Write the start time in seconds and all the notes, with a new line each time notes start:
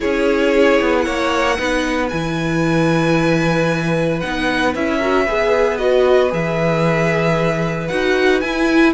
0.00 C#4 E4 G#4 C#5
0.80 B3
1.01 A#3 C#5 F#5
1.57 B3 D#4 B4
2.09 E3 E4 G#5
4.20 B3 D#4 F#5
4.74 C#4 E4 E5
4.97 F#4 A#4
5.24 G#4 B4
5.30 B3
5.77 F#4 D#5
6.29 E3 G#4 E5
7.87 D#4 F#4 F#5
8.40 E4 G#5